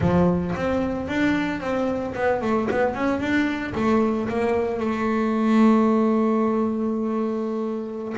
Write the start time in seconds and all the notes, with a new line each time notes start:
0.00 F3
0.55 C4
1.07 D4
1.60 C4
2.15 B3
2.41 A3
2.70 B3
2.94 C#4
3.20 D4
3.75 A3
4.28 A#3
4.79 A3